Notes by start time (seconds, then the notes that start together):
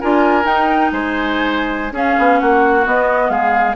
0.00 D4 F4 A#4 G#5
0.43 D#4 G5
0.91 G#3 C5 G#5
1.91 C#4 G#4 F5
2.18 B3
2.39 A#3 F#4 F#5
2.83 B3 D#5
3.29 G#3 G#4 F5